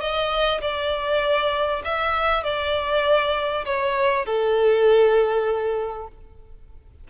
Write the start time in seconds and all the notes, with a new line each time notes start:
0.00 D#5
0.61 D5
1.85 E5
2.44 D5
3.65 C#5
4.26 A4